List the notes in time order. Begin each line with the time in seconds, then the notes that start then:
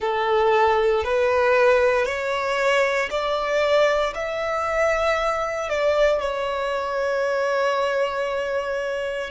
0.00 A4
1.03 B4
2.05 C#5
3.10 D5
4.14 E5
5.69 D5
6.20 C#5